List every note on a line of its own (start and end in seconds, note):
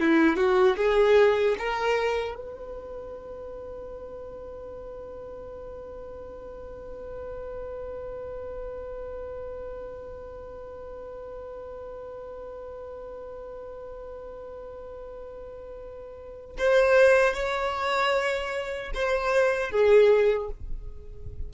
0.00 0.37 E4
0.37 0.76 F#4
0.77 1.56 G#4
1.59 2.35 A#4
2.35 16.56 B4
16.58 17.34 C5
17.34 18.92 C#5
18.94 19.71 C5
19.71 20.50 G#4